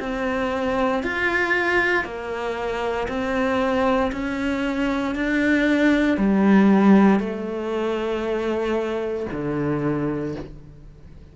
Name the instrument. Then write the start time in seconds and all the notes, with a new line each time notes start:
cello
0.00 C4
1.03 F4
2.05 A#3
3.08 C4
4.12 C#4
5.15 D4
6.18 G3
7.20 A3
9.32 D3